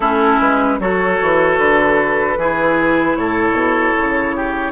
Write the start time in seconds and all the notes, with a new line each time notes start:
0.00 A3 C#4 E4 A4
0.39 G#3 B4
0.79 F#3 F#4 A4 C#5
1.22 E3
1.57 D3 B4
2.37 E3 E4 G#4
3.15 A2 A4 C#5
3.52 B2
3.96 C#3
4.36 G4